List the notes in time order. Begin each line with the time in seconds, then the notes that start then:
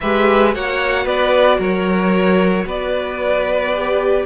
0.00 G#3 G4 B4 E5
0.52 A#3 F#4 C#5 F#5
1.03 B3 B4 D5
1.59 F#3 A#4 C#5
2.65 B3 B4 D5
3.73 G4